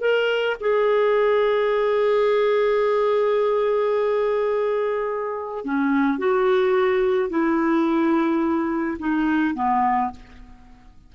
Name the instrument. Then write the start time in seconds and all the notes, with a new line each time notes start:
clarinet
0.00 A#4
0.60 G#4
5.64 C#4
6.18 F#4
7.29 E4
8.98 D#4
9.54 B3